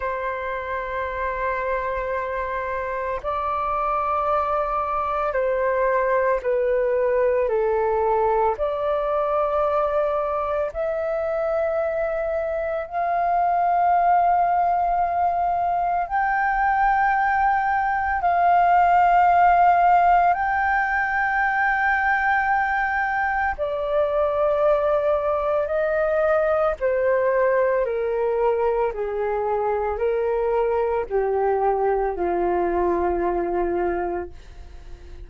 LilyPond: \new Staff \with { instrumentName = "flute" } { \time 4/4 \tempo 4 = 56 c''2. d''4~ | d''4 c''4 b'4 a'4 | d''2 e''2 | f''2. g''4~ |
g''4 f''2 g''4~ | g''2 d''2 | dis''4 c''4 ais'4 gis'4 | ais'4 g'4 f'2 | }